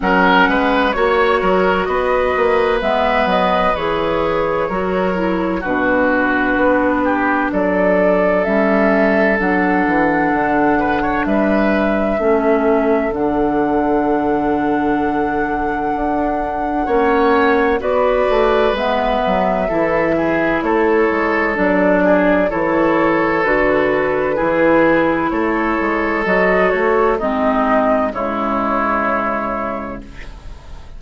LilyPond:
<<
  \new Staff \with { instrumentName = "flute" } { \time 4/4 \tempo 4 = 64 fis''4 cis''4 dis''4 e''8 dis''8 | cis''2 b'2 | d''4 e''4 fis''2 | e''2 fis''2~ |
fis''2. d''4 | e''2 cis''4 d''4 | cis''4 b'2 cis''4 | dis''8 cis''8 dis''4 cis''2 | }
  \new Staff \with { instrumentName = "oboe" } { \time 4/4 ais'8 b'8 cis''8 ais'8 b'2~ | b'4 ais'4 fis'4. g'8 | a'2.~ a'8 b'16 cis''16 | b'4 a'2.~ |
a'2 cis''4 b'4~ | b'4 a'8 gis'8 a'4. gis'8 | a'2 gis'4 a'4~ | a'4 dis'4 e'2 | }
  \new Staff \with { instrumentName = "clarinet" } { \time 4/4 cis'4 fis'2 b4 | gis'4 fis'8 e'8 d'2~ | d'4 cis'4 d'2~ | d'4 cis'4 d'2~ |
d'2 cis'4 fis'4 | b4 e'2 d'4 | e'4 fis'4 e'2 | fis'4 c'4 gis2 | }
  \new Staff \with { instrumentName = "bassoon" } { \time 4/4 fis8 gis8 ais8 fis8 b8 ais8 gis8 fis8 | e4 fis4 b,4 b4 | fis4 g4 fis8 e8 d4 | g4 a4 d2~ |
d4 d'4 ais4 b8 a8 | gis8 fis8 e4 a8 gis8 fis4 | e4 d4 e4 a8 gis8 | fis8 a8 gis4 cis2 | }
>>